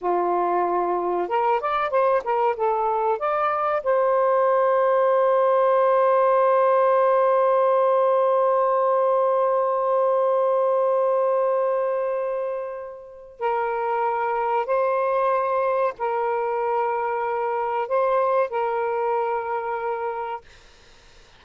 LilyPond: \new Staff \with { instrumentName = "saxophone" } { \time 4/4 \tempo 4 = 94 f'2 ais'8 d''8 c''8 ais'8 | a'4 d''4 c''2~ | c''1~ | c''1~ |
c''1~ | c''4 ais'2 c''4~ | c''4 ais'2. | c''4 ais'2. | }